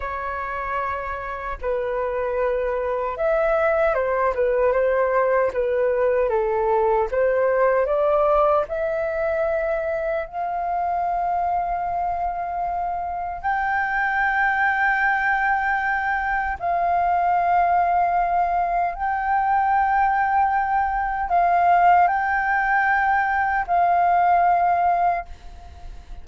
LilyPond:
\new Staff \with { instrumentName = "flute" } { \time 4/4 \tempo 4 = 76 cis''2 b'2 | e''4 c''8 b'8 c''4 b'4 | a'4 c''4 d''4 e''4~ | e''4 f''2.~ |
f''4 g''2.~ | g''4 f''2. | g''2. f''4 | g''2 f''2 | }